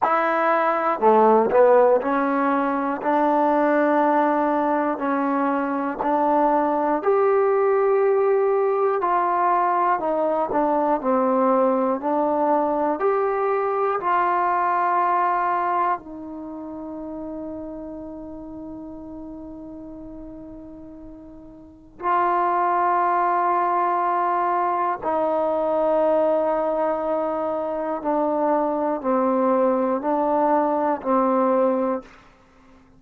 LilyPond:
\new Staff \with { instrumentName = "trombone" } { \time 4/4 \tempo 4 = 60 e'4 a8 b8 cis'4 d'4~ | d'4 cis'4 d'4 g'4~ | g'4 f'4 dis'8 d'8 c'4 | d'4 g'4 f'2 |
dis'1~ | dis'2 f'2~ | f'4 dis'2. | d'4 c'4 d'4 c'4 | }